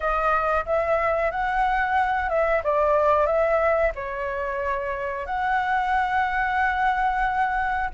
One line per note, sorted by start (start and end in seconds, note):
0.00 0.64 D#5
0.65 1.31 E5
1.31 2.29 F#5
2.29 2.62 E5
2.63 3.26 D5
3.26 3.92 E5
3.95 5.26 C#5
5.26 7.89 F#5